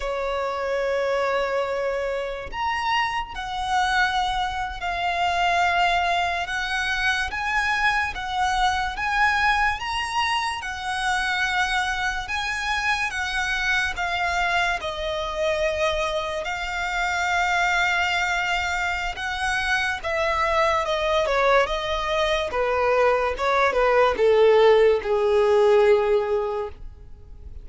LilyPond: \new Staff \with { instrumentName = "violin" } { \time 4/4 \tempo 4 = 72 cis''2. ais''4 | fis''4.~ fis''16 f''2 fis''16~ | fis''8. gis''4 fis''4 gis''4 ais''16~ | ais''8. fis''2 gis''4 fis''16~ |
fis''8. f''4 dis''2 f''16~ | f''2. fis''4 | e''4 dis''8 cis''8 dis''4 b'4 | cis''8 b'8 a'4 gis'2 | }